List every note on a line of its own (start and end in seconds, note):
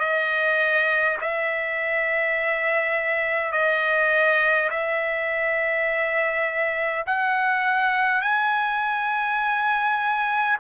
0.00 1.18 D#5
1.22 3.52 E5
3.52 4.70 D#5
4.71 7.06 E5
7.07 8.22 F#5
8.22 10.57 G#5